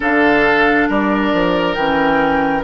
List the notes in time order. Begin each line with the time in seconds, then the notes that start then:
0.00 D3 D4 A4 F5
0.88 G3 A#4 D5
1.33 F3
1.74 E3 C#4 G5